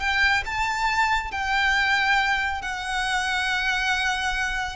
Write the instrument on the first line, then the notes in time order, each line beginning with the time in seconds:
violin
0.00 G5
0.45 A5
1.32 G5
2.62 F#5